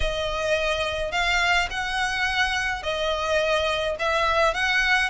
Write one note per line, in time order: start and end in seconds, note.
0.00 1.11 D#5
1.11 1.68 F5
1.70 2.83 F#5
2.83 3.96 D#5
3.99 4.54 E5
4.54 5.09 F#5